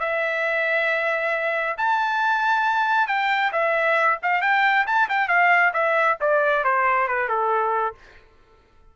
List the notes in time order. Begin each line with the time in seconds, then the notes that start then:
0.00 E5
1.78 A5
3.08 G5
3.53 E5
4.23 F5
4.42 G5
4.87 A5
5.09 G5
5.29 F5
5.74 E5
6.21 D5
6.64 C5
7.08 B4
7.29 A4